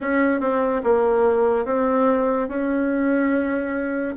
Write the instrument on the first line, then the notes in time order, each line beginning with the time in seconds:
bassoon
0.00 C#4
0.40 C4
0.83 A#3
1.65 C4
2.48 C#4